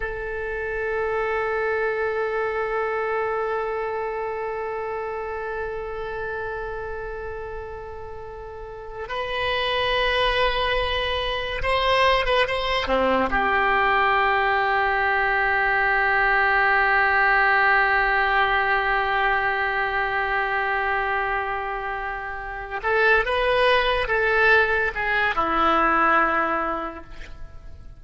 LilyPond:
\new Staff \with { instrumentName = "oboe" } { \time 4/4 \tempo 4 = 71 a'1~ | a'1~ | a'2~ a'8. b'4~ b'16~ | b'4.~ b'16 c''8. b'16 c''8 c'8 g'16~ |
g'1~ | g'1~ | g'2. a'8 b'8~ | b'8 a'4 gis'8 e'2 | }